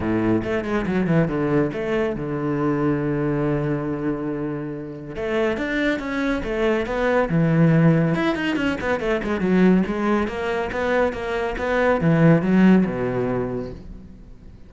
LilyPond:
\new Staff \with { instrumentName = "cello" } { \time 4/4 \tempo 4 = 140 a,4 a8 gis8 fis8 e8 d4 | a4 d2.~ | d1 | a4 d'4 cis'4 a4 |
b4 e2 e'8 dis'8 | cis'8 b8 a8 gis8 fis4 gis4 | ais4 b4 ais4 b4 | e4 fis4 b,2 | }